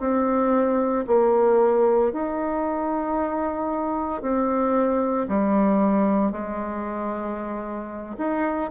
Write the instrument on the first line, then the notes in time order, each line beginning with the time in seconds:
bassoon
0.00 C4
1.07 A#3
2.13 D#4
4.22 C4
5.28 G3
6.32 G#3
8.18 D#4